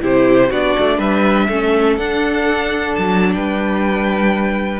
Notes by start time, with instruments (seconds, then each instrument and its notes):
0.00 cello C3, viola E4, violin G4 C5
0.49 cello B3, viola D4, violin F#4 D5
0.79 cello A3
0.97 cello G3, violin B4 E5
1.47 cello A3, viola C#4, violin A4
1.97 cello D4, viola D4, violin F#5
2.95 cello F#3, violin A5
3.33 cello G3, violin B4 G5